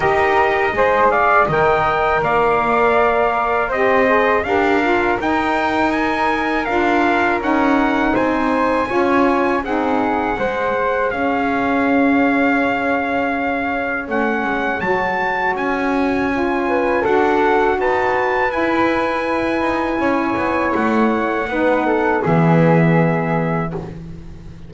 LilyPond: <<
  \new Staff \with { instrumentName = "trumpet" } { \time 4/4 \tempo 4 = 81 dis''4. f''8 g''4 f''4~ | f''4 dis''4 f''4 g''4 | gis''4 f''4 fis''4 gis''4~ | gis''4 fis''2 f''4~ |
f''2. fis''4 | a''4 gis''2 fis''4 | a''4 gis''2. | fis''2 e''2 | }
  \new Staff \with { instrumentName = "flute" } { \time 4/4 ais'4 c''8 d''8 dis''4 d''4~ | d''4 c''4 ais'2~ | ais'2. c''4 | cis''4 gis'4 c''4 cis''4~ |
cis''1~ | cis''2~ cis''8 b'8 a'4 | b'2. cis''4~ | cis''4 b'8 a'8 gis'2 | }
  \new Staff \with { instrumentName = "saxophone" } { \time 4/4 g'4 gis'4 ais'2~ | ais'4 g'8 gis'8 g'8 f'8 dis'4~ | dis'4 f'4 dis'2 | f'4 dis'4 gis'2~ |
gis'2. cis'4 | fis'2 f'4 fis'4~ | fis'4 e'2.~ | e'4 dis'4 b2 | }
  \new Staff \with { instrumentName = "double bass" } { \time 4/4 dis'4 gis4 dis4 ais4~ | ais4 c'4 d'4 dis'4~ | dis'4 d'4 cis'4 c'4 | cis'4 c'4 gis4 cis'4~ |
cis'2. a8 gis8 | fis4 cis'2 d'4 | dis'4 e'4. dis'8 cis'8 b8 | a4 b4 e2 | }
>>